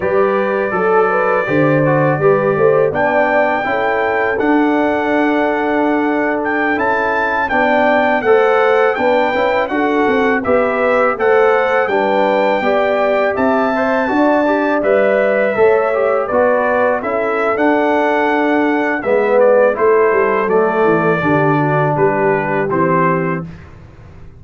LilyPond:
<<
  \new Staff \with { instrumentName = "trumpet" } { \time 4/4 \tempo 4 = 82 d''1 | g''2 fis''2~ | fis''8. g''8 a''4 g''4 fis''8.~ | fis''16 g''4 fis''4 e''4 fis''8.~ |
fis''16 g''2 a''4.~ a''16~ | a''16 e''2 d''4 e''8. | fis''2 e''8 d''8 c''4 | d''2 b'4 c''4 | }
  \new Staff \with { instrumentName = "horn" } { \time 4/4 b'4 a'8 b'8 c''4 b'8 c''8 | d''4 a'2.~ | a'2~ a'16 d''4 c''8.~ | c''16 b'4 a'4 b'4 c''8.~ |
c''16 b'4 d''4 e''4 d''8.~ | d''4~ d''16 cis''4 b'4 a'8.~ | a'2 b'4 a'4~ | a'4 g'8 fis'8 g'2 | }
  \new Staff \with { instrumentName = "trombone" } { \time 4/4 g'4 a'4 g'8 fis'8 g'4 | d'4 e'4 d'2~ | d'4~ d'16 e'4 d'4 a'8.~ | a'16 d'8 e'8 fis'4 g'4 a'8.~ |
a'16 d'4 g'4. c''8 fis'8 g'16~ | g'16 b'4 a'8 g'8 fis'4 e'8. | d'2 b4 e'4 | a4 d'2 c'4 | }
  \new Staff \with { instrumentName = "tuba" } { \time 4/4 g4 fis4 d4 g8 a8 | b4 cis'4 d'2~ | d'4~ d'16 cis'4 b4 a8.~ | a16 b8 cis'8 d'8 c'8 b4 a8.~ |
a16 g4 b4 c'4 d'8.~ | d'16 g4 a4 b4 cis'8. | d'2 gis4 a8 g8 | fis8 e8 d4 g4 e4 | }
>>